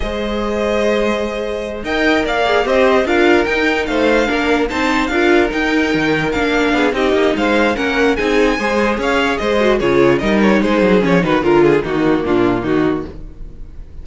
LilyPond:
<<
  \new Staff \with { instrumentName = "violin" } { \time 4/4 \tempo 4 = 147 dis''1~ | dis''8 g''4 f''4 dis''4 f''8~ | f''8 g''4 f''2 a''8~ | a''8 f''4 g''2 f''8~ |
f''4 dis''4 f''4 fis''4 | gis''2 f''4 dis''4 | cis''4 dis''8 cis''8 c''4 cis''8 b'8 | ais'8 gis'8 fis'4 f'4 fis'4 | }
  \new Staff \with { instrumentName = "violin" } { \time 4/4 c''1~ | c''8 dis''4 d''4 c''4 ais'8~ | ais'4. c''4 ais'4 c''8~ | c''8 ais'2.~ ais'8~ |
ais'8 gis'8 g'4 c''4 ais'4 | gis'4 c''4 cis''4 c''4 | gis'4 ais'4 gis'4. fis'8 | f'4 dis'4 d'4 dis'4 | }
  \new Staff \with { instrumentName = "viola" } { \time 4/4 gis'1~ | gis'8 ais'4. gis'8 g'4 f'8~ | f'8 dis'2 d'4 dis'8~ | dis'8 f'4 dis'2 d'8~ |
d'4 dis'2 cis'4 | dis'4 gis'2~ gis'8 fis'8 | f'4 dis'2 cis'8 dis'8 | f'4 ais2. | }
  \new Staff \with { instrumentName = "cello" } { \time 4/4 gis1~ | gis8 dis'4 ais4 c'4 d'8~ | d'8 dis'4 a4 ais4 c'8~ | c'8 d'4 dis'4 dis4 ais8~ |
ais8 b8 c'8 ais8 gis4 ais4 | c'4 gis4 cis'4 gis4 | cis4 g4 gis8 fis8 f8 dis8 | d4 dis4 ais,4 dis4 | }
>>